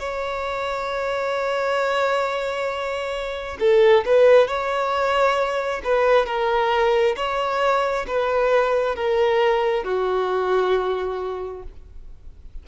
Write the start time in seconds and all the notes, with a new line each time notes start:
0.00 C#5
3.60 A4
4.06 B4
4.48 C#5
5.85 B4
6.26 A#4
7.17 C#5
8.08 B4
8.96 A#4
9.84 F#4